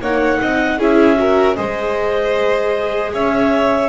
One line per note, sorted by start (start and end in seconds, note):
0.00 0.39 A#3
0.00 0.79 D#4
0.00 0.39 C#5
0.00 0.80 F#5
0.41 0.78 C4
0.41 0.78 D#5
0.78 1.56 C#4
0.78 1.16 E4
0.78 1.17 G#4
0.78 1.55 E5
1.16 1.55 F#4
1.16 1.56 A#4
1.55 3.13 G#3
1.55 3.89 G#4
1.55 3.12 C5
1.55 3.10 D#5
3.13 3.89 C#4
3.13 3.89 C#5
3.13 3.89 E5